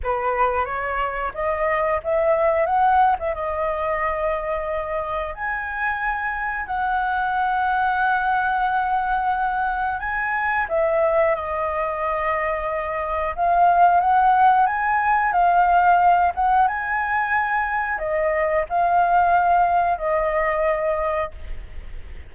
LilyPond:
\new Staff \with { instrumentName = "flute" } { \time 4/4 \tempo 4 = 90 b'4 cis''4 dis''4 e''4 | fis''8. e''16 dis''2. | gis''2 fis''2~ | fis''2. gis''4 |
e''4 dis''2. | f''4 fis''4 gis''4 f''4~ | f''8 fis''8 gis''2 dis''4 | f''2 dis''2 | }